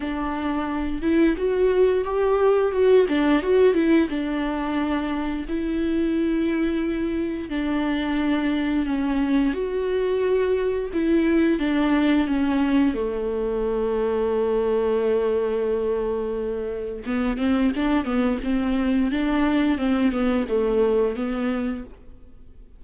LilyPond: \new Staff \with { instrumentName = "viola" } { \time 4/4 \tempo 4 = 88 d'4. e'8 fis'4 g'4 | fis'8 d'8 fis'8 e'8 d'2 | e'2. d'4~ | d'4 cis'4 fis'2 |
e'4 d'4 cis'4 a4~ | a1~ | a4 b8 c'8 d'8 b8 c'4 | d'4 c'8 b8 a4 b4 | }